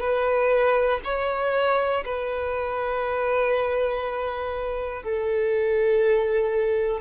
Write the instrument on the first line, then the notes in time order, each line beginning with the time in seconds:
violin
0.00 B4
1.04 C#5
2.05 B4
5.03 A4